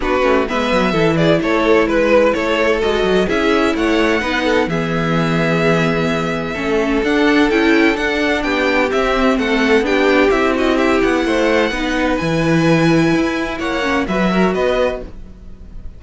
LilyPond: <<
  \new Staff \with { instrumentName = "violin" } { \time 4/4 \tempo 4 = 128 b'4 e''4. d''8 cis''4 | b'4 cis''4 dis''4 e''4 | fis''2 e''2~ | e''2. fis''4 |
g''4 fis''4 g''4 e''4 | fis''4 g''4 e''8 dis''8 e''8 fis''8~ | fis''2 gis''2~ | gis''4 fis''4 e''4 dis''4 | }
  \new Staff \with { instrumentName = "violin" } { \time 4/4 fis'4 b'4 a'8 gis'8 a'4 | b'4 a'2 gis'4 | cis''4 b'8 a'8 gis'2~ | gis'2 a'2~ |
a'2 g'2 | a'4 g'4. fis'8 g'4 | c''4 b'2.~ | b'4 cis''4 b'8 ais'8 b'4 | }
  \new Staff \with { instrumentName = "viola" } { \time 4/4 d'8 cis'8 b4 e'2~ | e'2 fis'4 e'4~ | e'4 dis'4 b2~ | b2 cis'4 d'4 |
e'4 d'2 c'4~ | c'4 d'4 e'2~ | e'4 dis'4 e'2~ | e'4. cis'8 fis'2 | }
  \new Staff \with { instrumentName = "cello" } { \time 4/4 b8 a8 gis8 fis8 e4 a4 | gis4 a4 gis8 fis8 cis'4 | a4 b4 e2~ | e2 a4 d'4 |
cis'4 d'4 b4 c'4 | a4 b4 c'4. b8 | a4 b4 e2 | e'4 ais4 fis4 b4 | }
>>